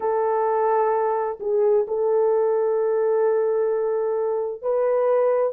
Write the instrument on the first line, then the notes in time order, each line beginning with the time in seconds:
horn
0.00 A4
1.40 G#4
1.87 A4
4.62 B4